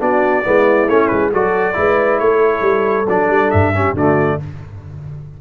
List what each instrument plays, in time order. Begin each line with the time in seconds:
0.00 tuba B3, trombone D4, horn F#4, trumpet D5
0.45 tuba G#3, trombone B3, horn E4
0.89 tuba A3, trombone C#4, trumpet C#5
1.08 tuba G#3, trumpet B4
1.32 tuba F#3, trombone F#4, horn A4, trumpet D5
1.74 tuba G#3, trombone E4, horn B4
2.19 tuba A3, horn A4, trumpet C#5
2.62 tuba G3
3.09 tuba F#3, trombone D4, trumpet D5
3.30 tuba G3
3.51 tuba G2, trumpet E5
3.74 trombone C#4, horn G4
3.94 tuba D3, trombone A3, horn F#4, trumpet D5